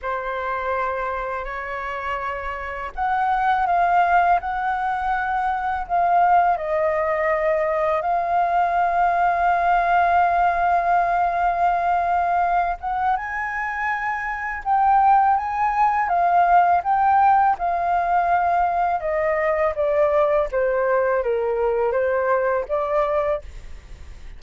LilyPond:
\new Staff \with { instrumentName = "flute" } { \time 4/4 \tempo 4 = 82 c''2 cis''2 | fis''4 f''4 fis''2 | f''4 dis''2 f''4~ | f''1~ |
f''4. fis''8 gis''2 | g''4 gis''4 f''4 g''4 | f''2 dis''4 d''4 | c''4 ais'4 c''4 d''4 | }